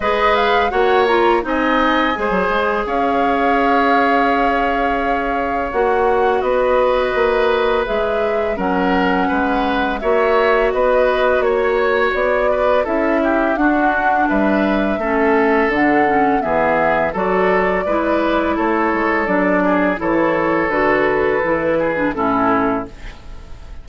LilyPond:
<<
  \new Staff \with { instrumentName = "flute" } { \time 4/4 \tempo 4 = 84 dis''8 f''8 fis''8 ais''8 gis''2 | f''1 | fis''4 dis''2 e''4 | fis''2 e''4 dis''4 |
cis''4 d''4 e''4 fis''4 | e''2 fis''4 e''4 | d''2 cis''4 d''4 | cis''4 b'2 a'4 | }
  \new Staff \with { instrumentName = "oboe" } { \time 4/4 b'4 cis''4 dis''4 c''4 | cis''1~ | cis''4 b'2. | ais'4 b'4 cis''4 b'4 |
cis''4. b'8 a'8 g'8 fis'4 | b'4 a'2 gis'4 | a'4 b'4 a'4. gis'8 | a'2~ a'8 gis'8 e'4 | }
  \new Staff \with { instrumentName = "clarinet" } { \time 4/4 gis'4 fis'8 f'8 dis'4 gis'4~ | gis'1 | fis'2. gis'4 | cis'2 fis'2~ |
fis'2 e'4 d'4~ | d'4 cis'4 d'8 cis'8 b4 | fis'4 e'2 d'4 | e'4 fis'4 e'8. d'16 cis'4 | }
  \new Staff \with { instrumentName = "bassoon" } { \time 4/4 gis4 ais4 c'4 gis16 fis16 gis8 | cis'1 | ais4 b4 ais4 gis4 | fis4 gis4 ais4 b4 |
ais4 b4 cis'4 d'4 | g4 a4 d4 e4 | fis4 gis4 a8 gis8 fis4 | e4 d4 e4 a,4 | }
>>